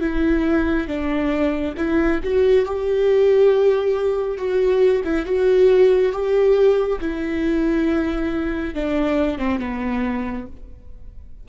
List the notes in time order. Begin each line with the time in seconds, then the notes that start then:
0.00 E4
0.87 D4
1.77 E4
2.23 F#4
2.65 G4
4.37 F#4
5.04 E4
5.25 F#4
6.12 G4
7.00 E4
8.74 D4
9.38 C4
9.59 B3